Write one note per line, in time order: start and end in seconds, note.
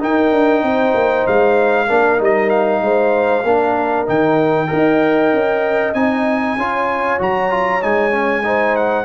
0.00 1.88 D#4
0.00 0.32 D#4
0.00 0.64 A#4
0.00 1.27 G5
0.32 0.63 D4
0.63 0.94 C4
0.63 1.87 C5
0.95 1.26 A#3
1.27 1.90 G#3
1.27 2.21 F5
1.87 2.21 A#3
1.87 2.18 D4
1.87 2.81 A#4
2.18 2.82 G3
2.18 3.43 D#4
2.18 2.50 D#5
2.50 4.06 F5
2.82 3.44 G#3
2.82 3.44 C5
3.44 4.07 A#3
3.44 4.07 D4
3.44 4.69 A#4
4.07 4.71 D#3
4.07 4.68 D#4
4.07 5.94 G5
4.68 5.33 D#4
4.68 5.93 A#4
4.68 6.58 D#5
5.33 5.95 C#4
5.94 6.57 C4
5.94 6.58 D#4
5.94 7.19 G#5
6.57 7.20 C#4
6.57 7.19 F4
6.57 8.46 C#5
7.19 7.83 F#3
7.19 7.50 F#4
7.19 7.83 A#5
7.50 7.81 F4
7.82 9.05 G#3
7.82 8.12 D#4
7.82 8.76 G#5
8.12 8.43 C#4
8.44 9.05 D#4
8.44 9.05 C5
8.76 9.05 F#5